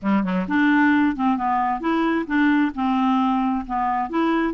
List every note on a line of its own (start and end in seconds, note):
0.01 0.23 G3
0.23 0.46 F#3
0.48 1.15 D4
1.15 1.37 C4
1.37 1.80 B3
1.80 2.25 E4
2.26 2.72 D4
2.74 3.65 C4
3.66 4.09 B3
4.09 4.53 E4